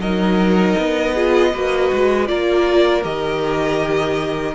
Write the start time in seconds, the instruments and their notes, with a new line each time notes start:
0.00 cello F#3, viola D#4, violin A#4 D#5
0.78 cello B3
1.14 viola F4, violin G#4
1.53 cello A#3, viola F#4, violin B4
1.93 cello G#3
2.27 cello A#3, viola F4, violin A#4 D5
3.03 cello D#3, viola G4, violin D#5